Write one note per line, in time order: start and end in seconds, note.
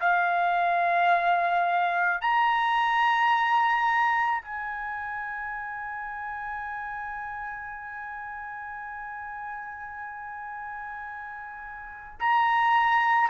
0.00 2.21 F5
2.21 4.42 A#5
4.42 12.20 G#5
12.20 13.30 A#5